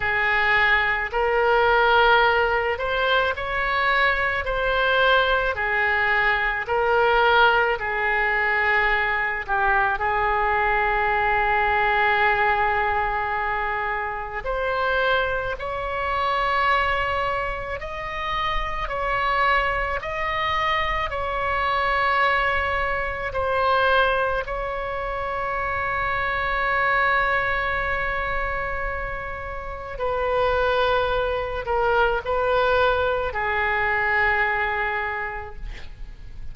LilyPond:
\new Staff \with { instrumentName = "oboe" } { \time 4/4 \tempo 4 = 54 gis'4 ais'4. c''8 cis''4 | c''4 gis'4 ais'4 gis'4~ | gis'8 g'8 gis'2.~ | gis'4 c''4 cis''2 |
dis''4 cis''4 dis''4 cis''4~ | cis''4 c''4 cis''2~ | cis''2. b'4~ | b'8 ais'8 b'4 gis'2 | }